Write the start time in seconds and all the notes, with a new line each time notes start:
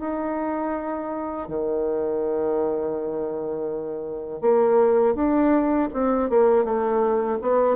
0.00 D#4
1.48 D#3
4.42 A#3
5.15 D4
5.94 C4
6.30 A#3
6.65 A3
7.42 B3